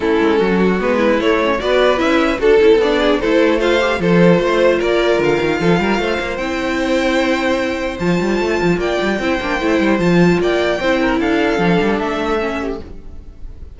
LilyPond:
<<
  \new Staff \with { instrumentName = "violin" } { \time 4/4 \tempo 4 = 150 a'2 b'4 cis''4 | d''4 e''4 a'4 d''4 | c''4 f''4 c''2 | d''4 f''2. |
g''1 | a''2 g''2~ | g''4 a''4 g''2 | f''2 e''2 | }
  \new Staff \with { instrumentName = "violin" } { \time 4/4 e'4 fis'4. e'4. | b'2 a'4. gis'8 | a'4 c''4 a'4 c''4 | ais'2 a'8 ais'8 c''4~ |
c''1~ | c''2 d''4 c''4~ | c''2 d''4 c''8 ais'8 | a'2.~ a'8 g'8 | }
  \new Staff \with { instrumentName = "viola" } { \time 4/4 cis'2 b4 a8 cis'8 | fis'4 e'4 fis'8 e'8 d'4 | e'4 f'8 g'8 f'2~ | f'1 |
e'1 | f'2. e'8 d'8 | e'4 f'2 e'4~ | e'4 d'2 cis'4 | }
  \new Staff \with { instrumentName = "cello" } { \time 4/4 a8 gis8 fis4 gis4 a4 | b4 cis'4 d'8 cis'16 c'16 b4 | a2 f4 a4 | ais4 d8 dis8 f8 g8 a8 ais8 |
c'1 | f8 g8 a8 f8 ais8 g8 c'8 ais8 | a8 g8 f4 ais4 c'4 | d'4 f8 g8 a2 | }
>>